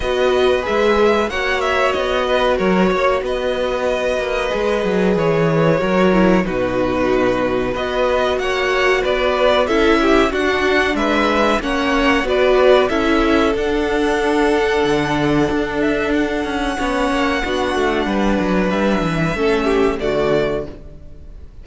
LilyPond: <<
  \new Staff \with { instrumentName = "violin" } { \time 4/4 \tempo 4 = 93 dis''4 e''4 fis''8 e''8 dis''4 | cis''4 dis''2. | cis''2 b'2 | dis''4 fis''4 d''4 e''4 |
fis''4 e''4 fis''4 d''4 | e''4 fis''2.~ | fis''8 e''8 fis''2.~ | fis''4 e''2 d''4 | }
  \new Staff \with { instrumentName = "violin" } { \time 4/4 b'2 cis''4. b'8 | ais'8 cis''8 b'2.~ | b'4 ais'4 fis'2 | b'4 cis''4 b'4 a'8 g'8 |
fis'4 b'4 cis''4 b'4 | a'1~ | a'2 cis''4 fis'4 | b'2 a'8 g'8 fis'4 | }
  \new Staff \with { instrumentName = "viola" } { \time 4/4 fis'4 gis'4 fis'2~ | fis'2. gis'4~ | gis'4 fis'8 e'8 dis'2 | fis'2. e'4 |
d'2 cis'4 fis'4 | e'4 d'2.~ | d'2 cis'4 d'4~ | d'2 cis'4 a4 | }
  \new Staff \with { instrumentName = "cello" } { \time 4/4 b4 gis4 ais4 b4 | fis8 ais8 b4. ais8 gis8 fis8 | e4 fis4 b,2 | b4 ais4 b4 cis'4 |
d'4 gis4 ais4 b4 | cis'4 d'2 d4 | d'4. cis'8 b8 ais8 b8 a8 | g8 fis8 g8 e8 a4 d4 | }
>>